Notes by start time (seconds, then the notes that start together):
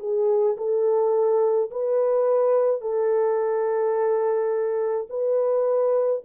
0.00 G#4
0.57 A4
1.71 B4
2.81 A4
5.10 B4